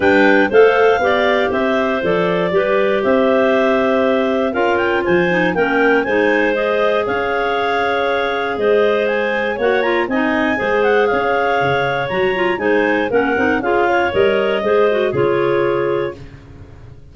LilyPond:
<<
  \new Staff \with { instrumentName = "clarinet" } { \time 4/4 \tempo 4 = 119 g''4 f''2 e''4 | d''2 e''2~ | e''4 f''8 g''8 gis''4 g''4 | gis''4 dis''4 f''2~ |
f''4 dis''4 gis''4 fis''8 ais''8 | gis''4. fis''8 f''2 | ais''4 gis''4 fis''4 f''4 | dis''2 cis''2 | }
  \new Staff \with { instrumentName = "clarinet" } { \time 4/4 b'4 c''4 d''4 c''4~ | c''4 b'4 c''2~ | c''4 ais'4 c''4 ais'4 | c''2 cis''2~ |
cis''4 c''2 cis''4 | dis''4 c''4 cis''2~ | cis''4 c''4 ais'4 gis'8 cis''8~ | cis''4 c''4 gis'2 | }
  \new Staff \with { instrumentName = "clarinet" } { \time 4/4 d'4 a'4 g'2 | a'4 g'2.~ | g'4 f'4. dis'8 cis'4 | dis'4 gis'2.~ |
gis'2. fis'8 f'8 | dis'4 gis'2. | fis'8 f'8 dis'4 cis'8 dis'8 f'4 | ais'4 gis'8 fis'8 f'2 | }
  \new Staff \with { instrumentName = "tuba" } { \time 4/4 g4 a4 b4 c'4 | f4 g4 c'2~ | c'4 cis'4 f4 ais4 | gis2 cis'2~ |
cis'4 gis2 ais4 | c'4 gis4 cis'4 cis4 | fis4 gis4 ais8 c'8 cis'4 | g4 gis4 cis2 | }
>>